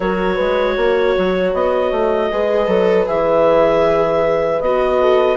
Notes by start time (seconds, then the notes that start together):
0.00 F#3 F#4 A#4 C#5
0.35 G#3 B4
0.76 A#3 C#5
1.17 F#3
1.53 B3 D#5
1.91 A3
2.31 G#3 G#4 B4
2.67 F#3 A4
3.06 E3 G#4 E5
4.60 B3 F#4 D#5
5.00 A4